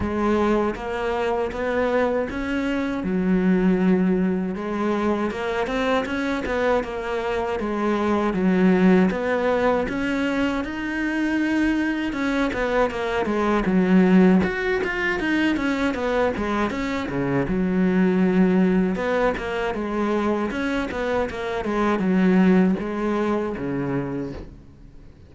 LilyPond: \new Staff \with { instrumentName = "cello" } { \time 4/4 \tempo 4 = 79 gis4 ais4 b4 cis'4 | fis2 gis4 ais8 c'8 | cis'8 b8 ais4 gis4 fis4 | b4 cis'4 dis'2 |
cis'8 b8 ais8 gis8 fis4 fis'8 f'8 | dis'8 cis'8 b8 gis8 cis'8 cis8 fis4~ | fis4 b8 ais8 gis4 cis'8 b8 | ais8 gis8 fis4 gis4 cis4 | }